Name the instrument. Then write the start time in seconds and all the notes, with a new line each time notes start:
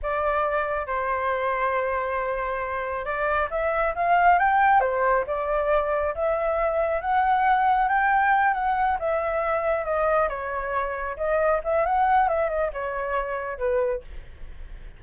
flute
0.02 D5
0.87 C5
3.05 D5
3.50 E5
3.95 F5
4.38 G5
4.80 C5
5.26 D5
6.14 E5
7.01 F#5
7.88 G5
8.53 F#5
8.99 E5
9.84 D#5
10.28 C#5
11.16 D#5
11.64 E5
11.85 F#5
12.28 E5
12.49 D#5
12.73 C#5
13.58 B4